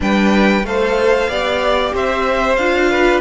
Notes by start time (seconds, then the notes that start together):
0.00 G3 D4 B4 G5
0.63 A3 A4 C5 F5
1.28 B3 G4 D5
1.93 C4 C5 E5
2.56 D4 F4 F5
2.90 B4